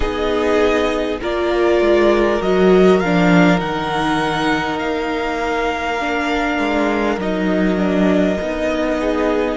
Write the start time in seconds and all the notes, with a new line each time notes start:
0.00 B3 D#4 G#4 D#5
1.21 A#3 F4 A#4 D5
1.80 G#3
2.41 F#3 F#4 D#5
2.99 F3 D4 F5
3.57 D#3 D#4 F#5
4.78 A#3 F5
6.00 D4
6.58 G#3
7.17 F#3 D#4 D#5
7.76 D4
8.40 B3 D#4
8.98 G#4